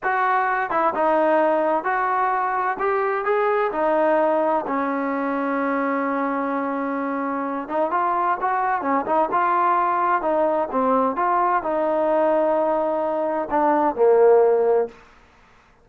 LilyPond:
\new Staff \with { instrumentName = "trombone" } { \time 4/4 \tempo 4 = 129 fis'4. e'8 dis'2 | fis'2 g'4 gis'4 | dis'2 cis'2~ | cis'1~ |
cis'8 dis'8 f'4 fis'4 cis'8 dis'8 | f'2 dis'4 c'4 | f'4 dis'2.~ | dis'4 d'4 ais2 | }